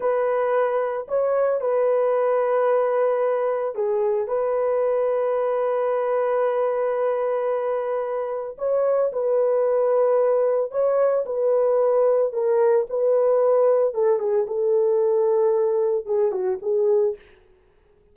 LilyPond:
\new Staff \with { instrumentName = "horn" } { \time 4/4 \tempo 4 = 112 b'2 cis''4 b'4~ | b'2. gis'4 | b'1~ | b'1 |
cis''4 b'2. | cis''4 b'2 ais'4 | b'2 a'8 gis'8 a'4~ | a'2 gis'8 fis'8 gis'4 | }